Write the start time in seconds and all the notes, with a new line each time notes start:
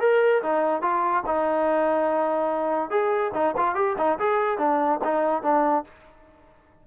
0.00 A#4
0.42 D#4
0.81 F4
1.26 D#4
2.90 G#4
3.34 D#4
3.56 F4
3.75 G4
3.97 D#4
4.19 G#4
4.58 D4
5.04 D#4
5.42 D4